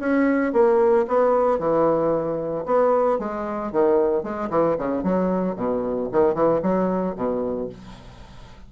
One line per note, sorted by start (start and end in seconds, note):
0.00 0.53 C#4
0.53 1.06 A#3
1.08 1.59 B3
1.59 2.65 E3
2.66 3.19 B3
3.19 3.72 G#3
3.72 4.24 D#3
4.24 4.50 G#3
4.51 4.77 E3
4.78 5.03 C#3
5.03 5.56 F#3
5.56 6.09 B2
6.12 6.35 D#3
6.35 6.61 E3
6.63 7.16 F#3
7.16 7.69 B2